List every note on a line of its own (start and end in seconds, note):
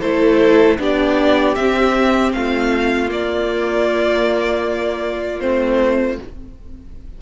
0.00 0.78 A3
0.00 0.78 E4
0.00 0.77 A4
0.00 0.77 C5
0.78 1.55 B3
0.78 1.55 D4
0.78 2.34 G4
0.78 1.55 D5
1.55 2.33 C4
1.55 3.08 C4
1.55 2.32 E5
2.33 3.11 A3
2.33 6.21 F4
2.33 3.09 F5
3.08 5.38 A#3
3.08 5.41 A#3
3.08 5.40 D5
5.40 6.18 A3
5.40 6.18 C4
5.40 6.17 C5